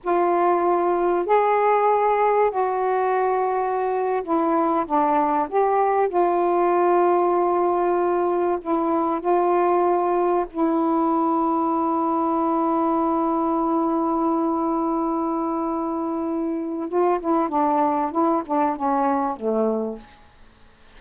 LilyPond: \new Staff \with { instrumentName = "saxophone" } { \time 4/4 \tempo 4 = 96 f'2 gis'2 | fis'2~ fis'8. e'4 d'16~ | d'8. g'4 f'2~ f'16~ | f'4.~ f'16 e'4 f'4~ f'16~ |
f'8. e'2.~ e'16~ | e'1~ | e'2. f'8 e'8 | d'4 e'8 d'8 cis'4 a4 | }